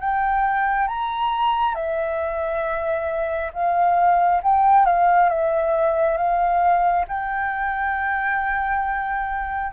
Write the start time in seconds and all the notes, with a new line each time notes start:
0.00 G5
0.88 A#5
1.75 E5
3.54 F5
4.43 G5
4.86 F5
5.29 E5
6.17 F5
7.08 G5